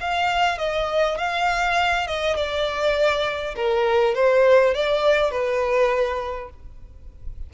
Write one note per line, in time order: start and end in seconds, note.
0.00 0.58 F5
0.58 1.17 D#5
1.17 2.07 F5
2.07 2.36 D#5
2.36 3.55 D5
3.55 4.14 A#4
4.14 4.74 C5
4.74 5.31 D5
5.31 6.50 B4